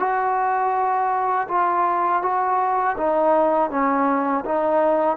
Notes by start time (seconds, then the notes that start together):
0.00 F#4
1.49 F4
2.23 F#4
2.98 D#4
3.71 C#4
4.45 D#4